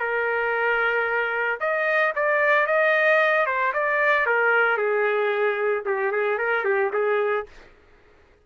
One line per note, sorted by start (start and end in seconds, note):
0.00 1.59 A#4
1.61 2.14 D#5
2.16 2.67 D5
2.67 3.46 D#5
3.46 3.73 C5
3.74 4.26 D5
4.26 4.78 A#4
4.78 5.84 G#4
5.86 6.12 G4
6.12 6.39 G#4
6.39 6.65 A#4
6.65 6.91 G4
6.93 7.46 G#4